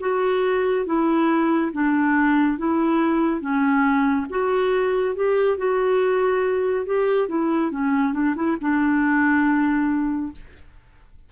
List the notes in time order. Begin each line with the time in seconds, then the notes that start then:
0.00 F#4
0.86 E4
1.72 D4
2.58 E4
3.41 C#4
4.29 F#4
5.15 G4
5.58 F#4
6.85 G4
7.28 E4
7.71 C#4
8.13 D4
8.35 E4
8.60 D4